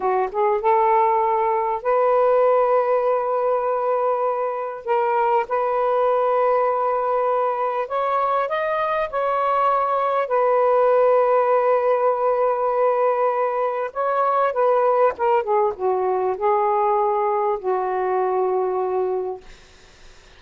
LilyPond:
\new Staff \with { instrumentName = "saxophone" } { \time 4/4 \tempo 4 = 99 fis'8 gis'8 a'2 b'4~ | b'1 | ais'4 b'2.~ | b'4 cis''4 dis''4 cis''4~ |
cis''4 b'2.~ | b'2. cis''4 | b'4 ais'8 gis'8 fis'4 gis'4~ | gis'4 fis'2. | }